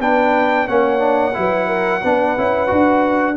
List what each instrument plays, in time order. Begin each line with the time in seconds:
0.00 tuba B3, trombone D4, horn B4, trumpet G5
0.68 tuba A#3, trombone C#4, horn C#5, trumpet F#5
0.99 trombone D4
1.34 tuba F#3, trombone E4, horn B4
1.68 horn A#4
2.02 tuba B3, trombone D4, horn B4
2.38 tuba C#4, trombone E4
2.67 tuba D4, trombone F#4